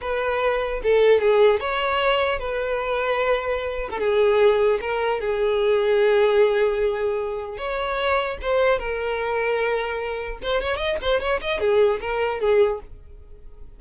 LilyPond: \new Staff \with { instrumentName = "violin" } { \time 4/4 \tempo 4 = 150 b'2 a'4 gis'4 | cis''2 b'2~ | b'4.~ b'16 a'16 gis'2 | ais'4 gis'2.~ |
gis'2. cis''4~ | cis''4 c''4 ais'2~ | ais'2 c''8 cis''8 dis''8 c''8 | cis''8 dis''8 gis'4 ais'4 gis'4 | }